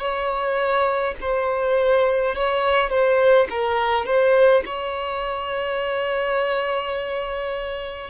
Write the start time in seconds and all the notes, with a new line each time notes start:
0.00 C#5
1.21 C5
2.35 C#5
2.90 C5
3.51 A#4
4.06 C5
4.66 C#5